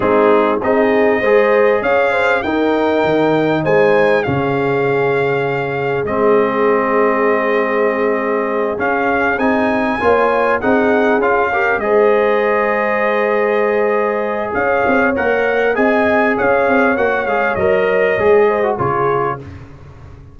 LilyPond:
<<
  \new Staff \with { instrumentName = "trumpet" } { \time 4/4 \tempo 4 = 99 gis'4 dis''2 f''4 | g''2 gis''4 f''4~ | f''2 dis''2~ | dis''2~ dis''8 f''4 gis''8~ |
gis''4. fis''4 f''4 dis''8~ | dis''1 | f''4 fis''4 gis''4 f''4 | fis''8 f''8 dis''2 cis''4 | }
  \new Staff \with { instrumentName = "horn" } { \time 4/4 dis'4 gis'4 c''4 cis''8 c''8 | ais'2 c''4 gis'4~ | gis'1~ | gis'1~ |
gis'8 cis''4 gis'4. ais'8 c''8~ | c''1 | cis''2 dis''4 cis''4~ | cis''2~ cis''8 c''8 gis'4 | }
  \new Staff \with { instrumentName = "trombone" } { \time 4/4 c'4 dis'4 gis'2 | dis'2. cis'4~ | cis'2 c'2~ | c'2~ c'8 cis'4 dis'8~ |
dis'8 f'4 dis'4 f'8 g'8 gis'8~ | gis'1~ | gis'4 ais'4 gis'2 | fis'8 gis'8 ais'4 gis'8. fis'16 f'4 | }
  \new Staff \with { instrumentName = "tuba" } { \time 4/4 gis4 c'4 gis4 cis'4 | dis'4 dis4 gis4 cis4~ | cis2 gis2~ | gis2~ gis8 cis'4 c'8~ |
c'8 ais4 c'4 cis'4 gis8~ | gis1 | cis'8 c'8 ais4 c'4 cis'8 c'8 | ais8 gis8 fis4 gis4 cis4 | }
>>